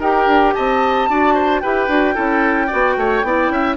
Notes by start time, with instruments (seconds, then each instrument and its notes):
0.00 bassoon D#4, clarinet G4, oboe A#4, flute G5
0.27 bassoon D4
0.54 bassoon C4, oboe D#5, flute A5
1.09 bassoon D4, clarinet F#4, oboe D5
1.35 oboe C5
1.60 bassoon E4, clarinet G4, oboe B4, flute G5
1.88 bassoon D4, clarinet F#4
2.15 bassoon C#4, clarinet E4, oboe A4
2.68 bassoon B3, clarinet F#4, oboe D5
2.97 bassoon A3, oboe C#5
3.23 bassoon B3, clarinet E4, oboe D5
3.50 bassoon C#4, oboe E5